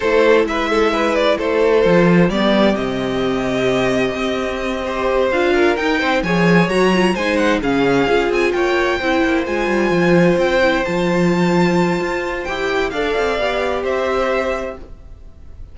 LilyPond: <<
  \new Staff \with { instrumentName = "violin" } { \time 4/4 \tempo 4 = 130 c''4 e''4. d''8 c''4~ | c''4 d''4 dis''2~ | dis''2.~ dis''8 f''8~ | f''8 g''4 gis''4 ais''4 gis''8 |
fis''8 f''4. gis''8 g''4.~ | g''8 gis''2 g''4 a''8~ | a''2. g''4 | f''2 e''2 | }
  \new Staff \with { instrumentName = "violin" } { \time 4/4 a'4 b'8 a'8 b'4 a'4~ | a'4 g'2.~ | g'2~ g'8 c''4. | ais'4 c''8 cis''2 c''8~ |
c''8 gis'2 cis''4 c''8~ | c''1~ | c''1 | d''2 c''2 | }
  \new Staff \with { instrumentName = "viola" } { \time 4/4 e'1 | f'4 b4 c'2~ | c'2~ c'8 g'4 f'8~ | f'8 dis'4 gis'4 fis'8 f'8 dis'8~ |
dis'8 cis'4 f'2 e'8~ | e'8 f'2~ f'8 e'8 f'8~ | f'2. g'4 | a'4 g'2. | }
  \new Staff \with { instrumentName = "cello" } { \time 4/4 a4 gis2 a4 | f4 g4 c2~ | c4 c'2~ c'8 d'8~ | d'8 dis'8 c'8 f4 fis4 gis8~ |
gis8 cis4 cis'8 c'8 ais4 c'8 | ais8 gis8 g8 f4 c'4 f8~ | f2 f'4 e'4 | d'8 c'8 b4 c'2 | }
>>